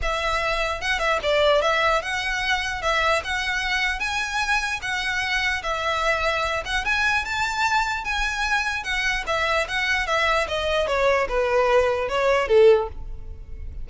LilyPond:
\new Staff \with { instrumentName = "violin" } { \time 4/4 \tempo 4 = 149 e''2 fis''8 e''8 d''4 | e''4 fis''2 e''4 | fis''2 gis''2 | fis''2 e''2~ |
e''8 fis''8 gis''4 a''2 | gis''2 fis''4 e''4 | fis''4 e''4 dis''4 cis''4 | b'2 cis''4 a'4 | }